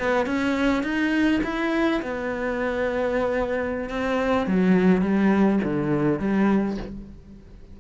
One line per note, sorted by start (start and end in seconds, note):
0.00 0.27 B3
0.27 0.84 C#4
0.84 1.41 D#4
1.44 2.02 E4
2.03 3.90 B3
3.90 4.48 C4
4.48 5.02 F#3
5.02 5.60 G3
5.64 6.20 D3
6.20 6.78 G3